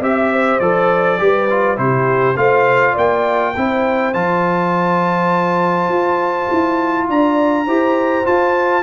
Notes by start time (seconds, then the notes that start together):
0.00 C4 G4 E5
0.32 C5
0.59 F3 A4 D5
1.19 G3 G4 B4
1.50 F4
1.76 C3 E4 G4 C5
2.36 A3 F4 C5 F5
2.92 A#3 D5 G5
3.54 C4 E4 C5
4.13 F3 F4 A5
5.88 F4
6.50 E4
7.08 D4 D5 A#5
7.65 E4 G4 C5
8.24 F4 A5